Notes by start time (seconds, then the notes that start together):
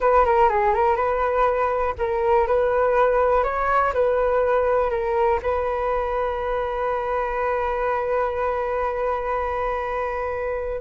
0.00 B4
0.25 A#4
0.49 G#4
0.74 A#4
0.95 B4
1.98 A#4
2.47 B4
3.43 C#5
3.93 B4
4.90 A#4
5.42 B4